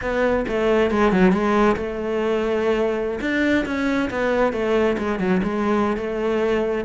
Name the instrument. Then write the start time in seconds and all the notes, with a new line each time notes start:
cello
0.01 B3
0.48 A3
0.90 G#3
1.12 F#3
1.31 G#3
1.76 A3
3.20 D4
3.65 C#4
4.10 B3
4.52 A3
4.98 G#3
5.19 F#3
5.43 G#3
5.96 A3